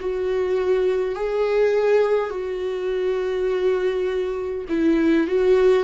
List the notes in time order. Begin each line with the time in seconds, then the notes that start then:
0.00 F#4
1.15 G#4
2.29 F#4
4.68 E4
5.27 F#4